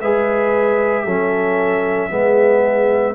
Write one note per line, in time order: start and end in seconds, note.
0.00 1.05 G#3
0.00 1.07 G#4
0.00 1.04 B4
0.00 3.14 E5
1.04 2.11 F#3
1.04 2.09 C#4
1.04 2.09 A4
2.09 3.14 G#3
2.09 3.14 B3
2.09 3.14 G#4